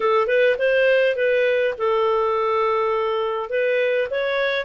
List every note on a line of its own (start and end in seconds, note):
0.00 0.27 A4
0.27 0.56 B4
0.58 1.16 C5
1.16 1.74 B4
1.78 3.50 A4
3.50 4.08 B4
4.10 4.65 C#5